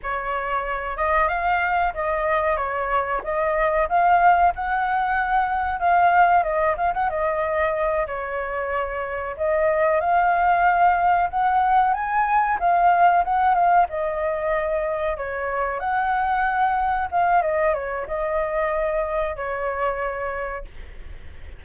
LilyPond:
\new Staff \with { instrumentName = "flute" } { \time 4/4 \tempo 4 = 93 cis''4. dis''8 f''4 dis''4 | cis''4 dis''4 f''4 fis''4~ | fis''4 f''4 dis''8 f''16 fis''16 dis''4~ | dis''8 cis''2 dis''4 f''8~ |
f''4. fis''4 gis''4 f''8~ | f''8 fis''8 f''8 dis''2 cis''8~ | cis''8 fis''2 f''8 dis''8 cis''8 | dis''2 cis''2 | }